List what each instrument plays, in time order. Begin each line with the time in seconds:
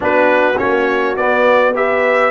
0.00 tuba B3, trombone D4, horn F#4, trumpet B4
0.58 tuba A#3, trombone C#4, trumpet C#5
1.16 tuba B3, trombone B3, trumpet D5
1.74 trombone G4, horn B4, trumpet E5